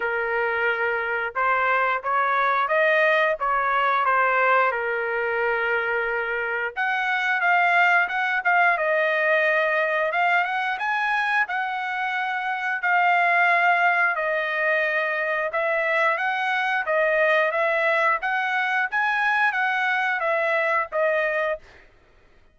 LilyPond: \new Staff \with { instrumentName = "trumpet" } { \time 4/4 \tempo 4 = 89 ais'2 c''4 cis''4 | dis''4 cis''4 c''4 ais'4~ | ais'2 fis''4 f''4 | fis''8 f''8 dis''2 f''8 fis''8 |
gis''4 fis''2 f''4~ | f''4 dis''2 e''4 | fis''4 dis''4 e''4 fis''4 | gis''4 fis''4 e''4 dis''4 | }